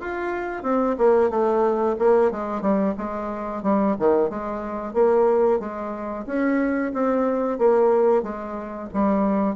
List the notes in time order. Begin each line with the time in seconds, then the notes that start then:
0.00 F4
0.63 C4
0.98 A#3
1.30 A3
1.99 A#3
2.31 G#3
2.61 G3
2.98 G#3
3.63 G3
3.99 D#3
4.29 G#3
4.93 A#3
5.59 G#3
6.26 C#4
6.93 C4
7.58 A#3
8.22 G#3
8.93 G3